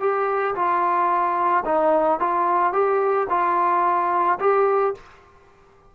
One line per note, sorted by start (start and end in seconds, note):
0.00 0.55 G4
0.55 1.64 F4
1.65 2.19 D#4
2.19 2.72 F4
2.72 3.27 G4
3.30 4.39 F4
4.40 4.94 G4